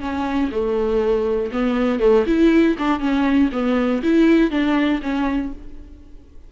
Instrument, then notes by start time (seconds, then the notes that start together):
viola
0.00 C#4
0.51 A3
1.52 B3
2.00 A3
2.27 E4
2.79 D4
3.00 C#4
3.52 B3
4.03 E4
4.50 D4
5.02 C#4